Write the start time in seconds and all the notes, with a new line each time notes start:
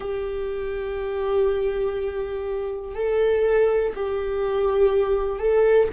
0.00 G4
2.94 A4
3.95 G4
5.39 A4